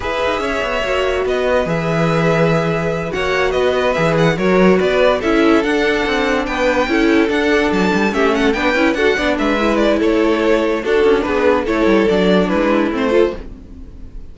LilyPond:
<<
  \new Staff \with { instrumentName = "violin" } { \time 4/4 \tempo 4 = 144 e''2. dis''4 | e''2.~ e''8 fis''8~ | fis''8 dis''4 e''8 fis''8 cis''4 d''8~ | d''8 e''4 fis''2 g''8~ |
g''4. fis''4 a''4 e''8 | fis''8 g''4 fis''4 e''4 d''8 | cis''2 a'4 b'4 | cis''4 d''4 b'4 c''4 | }
  \new Staff \with { instrumentName = "violin" } { \time 4/4 b'4 cis''2 b'4~ | b'2.~ b'8 cis''8~ | cis''8 b'2 ais'4 b'8~ | b'8 a'2. b'8~ |
b'8 a'2. g'8 | a'8 b'4 a'8 d''8 b'4. | a'2 fis'4 gis'4 | a'2 e'4. a'8 | }
  \new Staff \with { instrumentName = "viola" } { \time 4/4 gis'2 fis'2 | gis'2.~ gis'8 fis'8~ | fis'4. gis'4 fis'4.~ | fis'8 e'4 d'2~ d'8~ |
d'8 e'4 d'2 cis'8~ | cis'8 d'8 e'8 fis'8 d'4 e'4~ | e'2 d'2 | e'4 d'2 c'8 f'8 | }
  \new Staff \with { instrumentName = "cello" } { \time 4/4 e'8 dis'8 cis'8 b8 ais4 b4 | e2.~ e8 ais8~ | ais8 b4 e4 fis4 b8~ | b8 cis'4 d'4 c'4 b8~ |
b8 cis'4 d'4 fis8 g8 a8~ | a8 b8 cis'8 d'8 b8 gis4. | a2 d'8 cis'8 b4 | a8 g8 fis4 gis4 a4 | }
>>